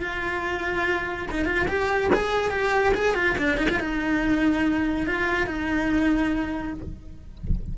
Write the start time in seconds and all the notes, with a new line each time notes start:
0.00 F4
1.31 D#4
1.45 F4
1.68 G4
2.13 G#4
2.50 G4
2.94 G#4
3.15 F4
3.38 D4
3.57 D#4
3.69 F4
3.80 D#4
5.06 F4
5.46 D#4